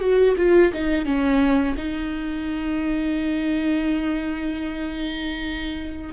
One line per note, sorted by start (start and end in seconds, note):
0.00 0.35 F#4
0.37 0.72 F4
0.73 1.05 D#4
1.05 1.75 C#4
1.77 6.13 D#4